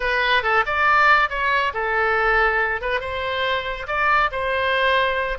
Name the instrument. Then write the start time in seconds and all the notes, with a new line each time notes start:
oboe
0.00 B4
0.42 A4
0.66 D5
1.29 C#5
1.73 A4
2.81 B4
3.00 C5
3.87 D5
4.31 C5